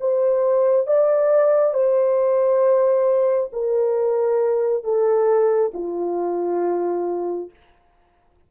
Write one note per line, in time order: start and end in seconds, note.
0.00 0.87 C5
0.87 1.74 D5
1.74 3.50 C5
3.53 4.84 A#4
4.84 5.72 A4
5.74 7.50 F4